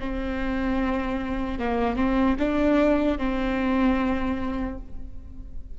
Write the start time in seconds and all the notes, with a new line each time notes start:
0.00 C4
1.59 A#3
1.96 C4
2.39 D4
3.18 C4